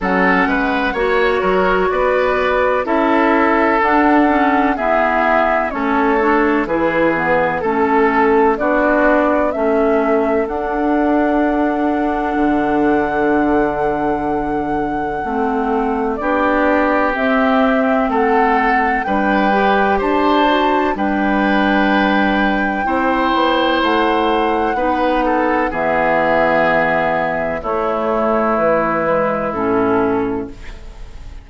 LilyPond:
<<
  \new Staff \with { instrumentName = "flute" } { \time 4/4 \tempo 4 = 63 fis''4 cis''4 d''4 e''4 | fis''4 e''4 cis''4 b'4 | a'4 d''4 e''4 fis''4~ | fis''1~ |
fis''4 d''4 e''4 fis''4 | g''4 a''4 g''2~ | g''4 fis''2 e''4~ | e''4 cis''4 b'4 a'4 | }
  \new Staff \with { instrumentName = "oboe" } { \time 4/4 a'8 b'8 cis''8 ais'8 b'4 a'4~ | a'4 gis'4 a'4 gis'4 | a'4 fis'4 a'2~ | a'1~ |
a'4 g'2 a'4 | b'4 c''4 b'2 | c''2 b'8 a'8 gis'4~ | gis'4 e'2. | }
  \new Staff \with { instrumentName = "clarinet" } { \time 4/4 cis'4 fis'2 e'4 | d'8 cis'8 b4 cis'8 d'8 e'8 b8 | cis'4 d'4 cis'4 d'4~ | d'1 |
c'4 d'4 c'2 | d'8 g'4 fis'8 d'2 | e'2 dis'4 b4~ | b4 a4. gis8 cis'4 | }
  \new Staff \with { instrumentName = "bassoon" } { \time 4/4 fis8 gis8 ais8 fis8 b4 cis'4 | d'4 e'4 a4 e4 | a4 b4 a4 d'4~ | d'4 d2. |
a4 b4 c'4 a4 | g4 d'4 g2 | c'8 b8 a4 b4 e4~ | e4 a4 e4 a,4 | }
>>